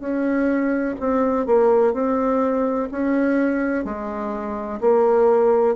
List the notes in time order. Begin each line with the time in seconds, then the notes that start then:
0.00 C#4
1.00 C4
1.46 A#3
1.94 C4
2.91 C#4
3.85 G#3
4.81 A#3